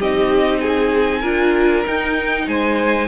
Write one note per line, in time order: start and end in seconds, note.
0.00 1.23 C4
0.00 1.23 D#4
0.00 0.62 G4
0.00 0.60 D#5
0.60 1.21 G#4
0.60 1.84 G#5
1.21 1.85 D4
1.21 1.85 F4
1.21 2.45 A#4
1.85 3.09 D#4
1.85 2.47 D#4
1.85 2.48 G5
2.47 3.09 G#3
2.47 3.09 C5
2.47 3.09 G#5